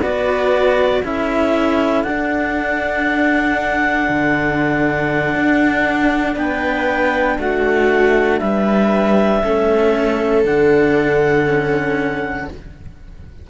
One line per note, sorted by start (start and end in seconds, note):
0.00 1.02 B3
0.00 1.04 F#4
0.00 1.02 B4
0.00 1.04 D5
1.02 2.04 C#4
1.02 2.06 E4
1.02 6.36 A4
1.02 2.03 E5
2.03 4.08 D4
2.03 9.44 D4
2.03 6.35 F#5
4.09 5.35 D3
5.35 6.36 D4
6.36 7.38 B3
6.36 7.37 B4
6.36 7.39 G5
7.39 8.41 A3
7.39 8.41 F#4
7.39 8.39 F#5
8.39 9.43 G3
8.39 9.43 B4
8.39 10.43 E5
9.44 10.44 A3
9.44 10.46 C#4
9.44 12.50 A4
10.44 12.48 D3
10.44 11.47 D4
10.44 12.49 F#5
11.47 12.48 C#4